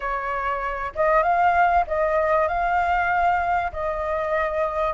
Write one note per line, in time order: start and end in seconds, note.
0.00 0.92 C#5
0.95 1.22 D#5
1.22 1.84 F5
1.87 2.47 D#5
2.47 3.71 F5
3.72 4.93 D#5